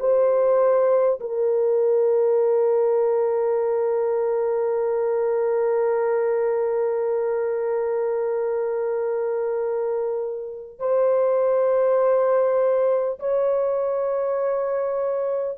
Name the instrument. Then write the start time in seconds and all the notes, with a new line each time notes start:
horn
0.00 C5
1.21 A#4
10.79 C5
13.19 C#5